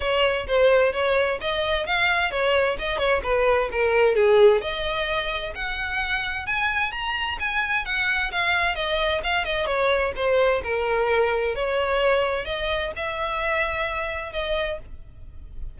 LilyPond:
\new Staff \with { instrumentName = "violin" } { \time 4/4 \tempo 4 = 130 cis''4 c''4 cis''4 dis''4 | f''4 cis''4 dis''8 cis''8 b'4 | ais'4 gis'4 dis''2 | fis''2 gis''4 ais''4 |
gis''4 fis''4 f''4 dis''4 | f''8 dis''8 cis''4 c''4 ais'4~ | ais'4 cis''2 dis''4 | e''2. dis''4 | }